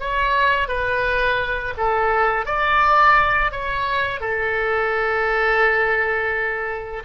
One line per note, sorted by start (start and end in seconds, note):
0.00 0.68 C#5
0.68 1.74 B4
1.77 2.46 A4
2.46 3.52 D5
3.52 4.20 C#5
4.20 7.03 A4